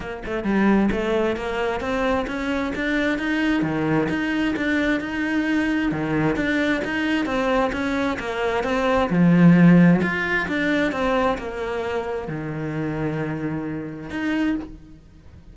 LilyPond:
\new Staff \with { instrumentName = "cello" } { \time 4/4 \tempo 4 = 132 ais8 a8 g4 a4 ais4 | c'4 cis'4 d'4 dis'4 | dis4 dis'4 d'4 dis'4~ | dis'4 dis4 d'4 dis'4 |
c'4 cis'4 ais4 c'4 | f2 f'4 d'4 | c'4 ais2 dis4~ | dis2. dis'4 | }